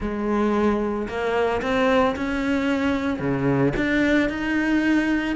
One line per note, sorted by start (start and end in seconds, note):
0.00 1.08 G#3
1.08 1.61 A#3
1.62 2.15 C4
2.16 3.19 C#4
3.19 3.73 C#3
3.76 4.29 D4
4.29 5.36 D#4